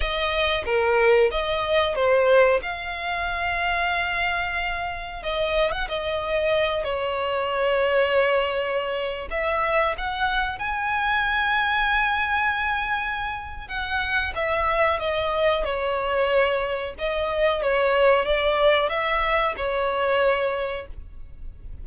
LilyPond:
\new Staff \with { instrumentName = "violin" } { \time 4/4 \tempo 4 = 92 dis''4 ais'4 dis''4 c''4 | f''1 | dis''8. fis''16 dis''4. cis''4.~ | cis''2~ cis''16 e''4 fis''8.~ |
fis''16 gis''2.~ gis''8.~ | gis''4 fis''4 e''4 dis''4 | cis''2 dis''4 cis''4 | d''4 e''4 cis''2 | }